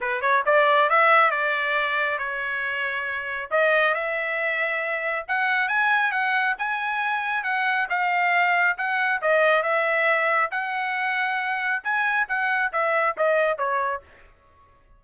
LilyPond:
\new Staff \with { instrumentName = "trumpet" } { \time 4/4 \tempo 4 = 137 b'8 cis''8 d''4 e''4 d''4~ | d''4 cis''2. | dis''4 e''2. | fis''4 gis''4 fis''4 gis''4~ |
gis''4 fis''4 f''2 | fis''4 dis''4 e''2 | fis''2. gis''4 | fis''4 e''4 dis''4 cis''4 | }